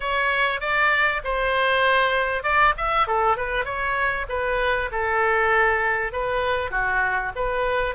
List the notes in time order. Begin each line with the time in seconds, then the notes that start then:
0.00 C#5
0.60 D5
1.24 C5
2.43 D5
2.77 E5
3.07 A4
3.36 B4
3.65 C#5
4.29 B4
4.91 A4
6.12 B4
6.70 F#4
7.35 B4